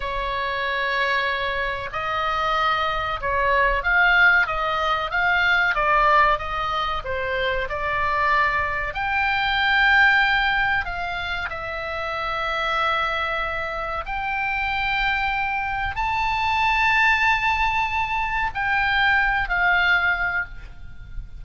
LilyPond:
\new Staff \with { instrumentName = "oboe" } { \time 4/4 \tempo 4 = 94 cis''2. dis''4~ | dis''4 cis''4 f''4 dis''4 | f''4 d''4 dis''4 c''4 | d''2 g''2~ |
g''4 f''4 e''2~ | e''2 g''2~ | g''4 a''2.~ | a''4 g''4. f''4. | }